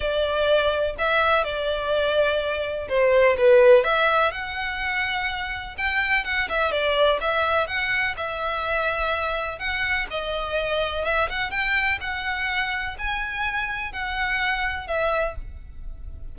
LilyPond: \new Staff \with { instrumentName = "violin" } { \time 4/4 \tempo 4 = 125 d''2 e''4 d''4~ | d''2 c''4 b'4 | e''4 fis''2. | g''4 fis''8 e''8 d''4 e''4 |
fis''4 e''2. | fis''4 dis''2 e''8 fis''8 | g''4 fis''2 gis''4~ | gis''4 fis''2 e''4 | }